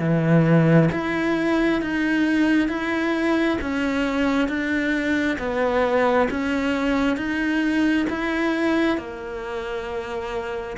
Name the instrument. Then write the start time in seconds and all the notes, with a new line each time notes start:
cello
0.00 E3
0.92 E4
1.82 D#4
2.69 E4
3.61 C#4
4.49 D4
5.39 B3
6.31 C#4
7.17 D#4
8.10 E4
8.98 A#3